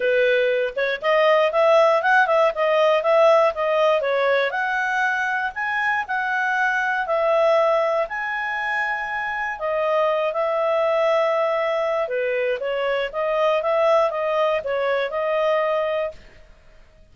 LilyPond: \new Staff \with { instrumentName = "clarinet" } { \time 4/4 \tempo 4 = 119 b'4. cis''8 dis''4 e''4 | fis''8 e''8 dis''4 e''4 dis''4 | cis''4 fis''2 gis''4 | fis''2 e''2 |
gis''2. dis''4~ | dis''8 e''2.~ e''8 | b'4 cis''4 dis''4 e''4 | dis''4 cis''4 dis''2 | }